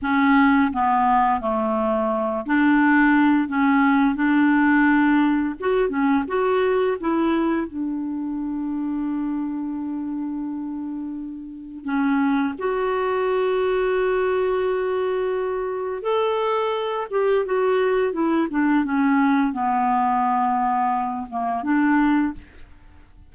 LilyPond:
\new Staff \with { instrumentName = "clarinet" } { \time 4/4 \tempo 4 = 86 cis'4 b4 a4. d'8~ | d'4 cis'4 d'2 | fis'8 cis'8 fis'4 e'4 d'4~ | d'1~ |
d'4 cis'4 fis'2~ | fis'2. a'4~ | a'8 g'8 fis'4 e'8 d'8 cis'4 | b2~ b8 ais8 d'4 | }